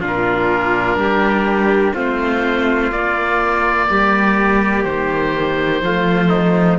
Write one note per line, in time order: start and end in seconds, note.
0.00 0.96 A#2
0.00 1.94 D4
0.00 0.97 F4
0.07 1.95 A#4
0.96 1.92 G3
0.96 1.94 G4
1.94 2.91 A3
1.94 2.91 C4
1.94 3.87 F4
1.94 2.92 C5
2.92 3.88 A#3
2.92 5.83 A#3
2.92 4.83 D5
3.90 4.84 G3
3.90 5.84 G4
4.83 5.81 D#3
4.83 6.77 C5
5.81 6.78 F3
5.81 6.78 A3
5.81 6.29 F4
6.29 6.77 D#4